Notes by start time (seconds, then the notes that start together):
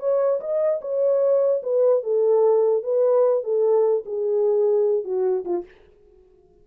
0.00 C#5
0.41 D#5
0.82 C#5
1.63 B4
2.04 A4
2.84 B4
3.44 A4
4.06 G#4
5.05 F#4
5.45 F4